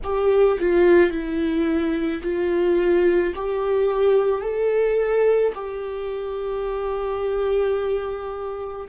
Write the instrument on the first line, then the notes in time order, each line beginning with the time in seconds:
viola
0.03 G4
0.59 F4
1.10 E4
2.22 F4
3.35 G4
4.41 A4
5.55 G4